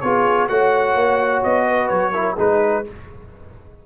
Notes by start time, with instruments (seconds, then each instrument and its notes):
0.00 tuba B3, trombone F4, horn G#4, trumpet C#5
0.48 tuba A3, trombone F#4, horn C#5, trumpet F#5
0.94 tuba A#3
1.43 tuba B3, trumpet D#5
1.67 horn B4
1.88 tuba F#3, trumpet C#5
2.11 trombone E4, horn A#4
2.33 tuba G#3, trombone D#4, horn G#4, trumpet B4